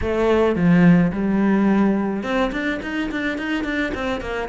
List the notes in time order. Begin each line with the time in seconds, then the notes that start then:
0.01 A3
0.55 F3
1.12 G3
2.23 C4
2.52 D4
2.82 D#4
3.11 D4
3.37 D#4
3.64 D4
3.94 C4
4.21 A#3